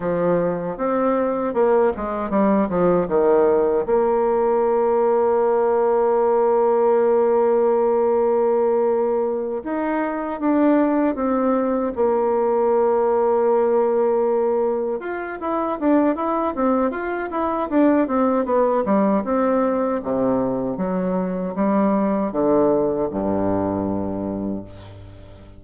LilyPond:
\new Staff \with { instrumentName = "bassoon" } { \time 4/4 \tempo 4 = 78 f4 c'4 ais8 gis8 g8 f8 | dis4 ais2.~ | ais1~ | ais8 dis'4 d'4 c'4 ais8~ |
ais2.~ ais8 f'8 | e'8 d'8 e'8 c'8 f'8 e'8 d'8 c'8 | b8 g8 c'4 c4 fis4 | g4 d4 g,2 | }